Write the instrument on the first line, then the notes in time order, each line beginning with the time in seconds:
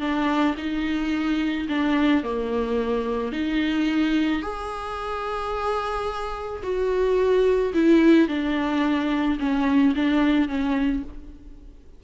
viola
0.00 D4
0.58 D#4
1.69 D4
2.23 A#3
3.32 D#4
4.42 G#4
6.63 F#4
7.74 E4
8.28 D4
9.39 C#4
9.96 D4
10.48 C#4